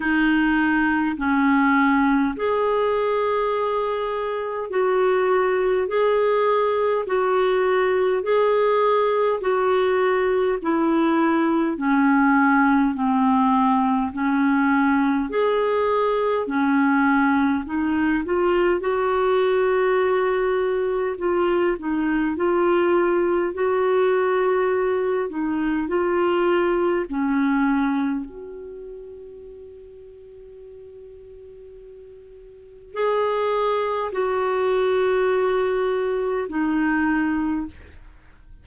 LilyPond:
\new Staff \with { instrumentName = "clarinet" } { \time 4/4 \tempo 4 = 51 dis'4 cis'4 gis'2 | fis'4 gis'4 fis'4 gis'4 | fis'4 e'4 cis'4 c'4 | cis'4 gis'4 cis'4 dis'8 f'8 |
fis'2 f'8 dis'8 f'4 | fis'4. dis'8 f'4 cis'4 | fis'1 | gis'4 fis'2 dis'4 | }